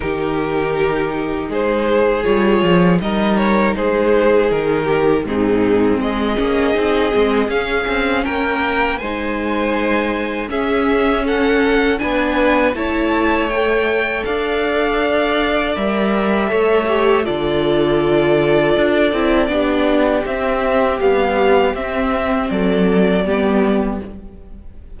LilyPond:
<<
  \new Staff \with { instrumentName = "violin" } { \time 4/4 \tempo 4 = 80 ais'2 c''4 cis''4 | dis''8 cis''8 c''4 ais'4 gis'4 | dis''2 f''4 g''4 | gis''2 e''4 fis''4 |
gis''4 a''4 g''4 f''4~ | f''4 e''2 d''4~ | d''2. e''4 | f''4 e''4 d''2 | }
  \new Staff \with { instrumentName = "violin" } { \time 4/4 g'2 gis'2 | ais'4 gis'4. g'8 dis'4 | gis'2. ais'4 | c''2 gis'4 a'4 |
b'4 cis''2 d''4~ | d''2 cis''4 a'4~ | a'2 g'2~ | g'2 a'4 g'4 | }
  \new Staff \with { instrumentName = "viola" } { \time 4/4 dis'2. f'4 | dis'2. c'4~ | c'8 cis'8 dis'8 c'8 cis'2 | dis'2 cis'2 |
d'4 e'4 a'2~ | a'4 ais'4 a'8 g'8 f'4~ | f'4. e'8 d'4 c'4 | g4 c'2 b4 | }
  \new Staff \with { instrumentName = "cello" } { \time 4/4 dis2 gis4 g8 f8 | g4 gis4 dis4 gis,4 | gis8 ais8 c'8 gis8 cis'8 c'8 ais4 | gis2 cis'2 |
b4 a2 d'4~ | d'4 g4 a4 d4~ | d4 d'8 c'8 b4 c'4 | b4 c'4 fis4 g4 | }
>>